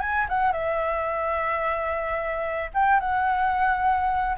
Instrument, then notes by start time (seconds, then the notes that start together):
flute
0.00 G#5
0.29 F#5
0.53 E5
2.74 G5
3.00 F#5